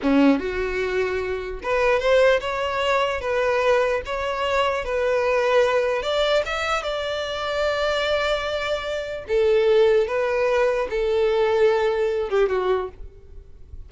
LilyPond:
\new Staff \with { instrumentName = "violin" } { \time 4/4 \tempo 4 = 149 cis'4 fis'2. | b'4 c''4 cis''2 | b'2 cis''2 | b'2. d''4 |
e''4 d''2.~ | d''2. a'4~ | a'4 b'2 a'4~ | a'2~ a'8 g'8 fis'4 | }